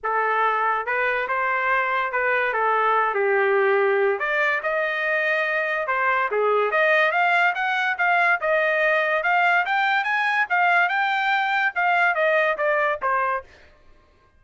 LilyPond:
\new Staff \with { instrumentName = "trumpet" } { \time 4/4 \tempo 4 = 143 a'2 b'4 c''4~ | c''4 b'4 a'4. g'8~ | g'2 d''4 dis''4~ | dis''2 c''4 gis'4 |
dis''4 f''4 fis''4 f''4 | dis''2 f''4 g''4 | gis''4 f''4 g''2 | f''4 dis''4 d''4 c''4 | }